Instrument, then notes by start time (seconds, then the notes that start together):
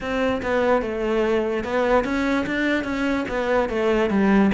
cello
0.00 C4
0.42 B3
0.82 A3
1.64 B3
2.04 C#4
2.46 D4
2.84 C#4
3.28 B3
3.69 A3
4.10 G3